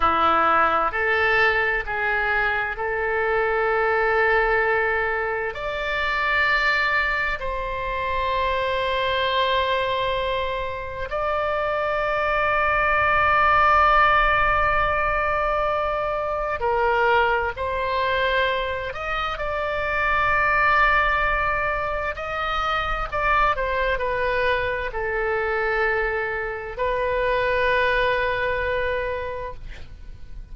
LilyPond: \new Staff \with { instrumentName = "oboe" } { \time 4/4 \tempo 4 = 65 e'4 a'4 gis'4 a'4~ | a'2 d''2 | c''1 | d''1~ |
d''2 ais'4 c''4~ | c''8 dis''8 d''2. | dis''4 d''8 c''8 b'4 a'4~ | a'4 b'2. | }